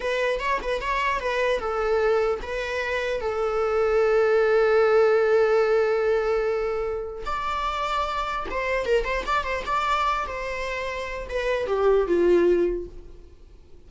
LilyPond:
\new Staff \with { instrumentName = "viola" } { \time 4/4 \tempo 4 = 149 b'4 cis''8 b'8 cis''4 b'4 | a'2 b'2 | a'1~ | a'1~ |
a'2 d''2~ | d''4 c''4 ais'8 c''8 d''8 c''8 | d''4. c''2~ c''8 | b'4 g'4 f'2 | }